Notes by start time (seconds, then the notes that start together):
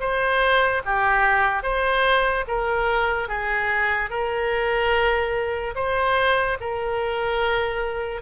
0.00 C5
0.85 G4
1.63 C5
2.48 A#4
3.28 G#4
4.10 A#4
5.75 C5
6.60 A#4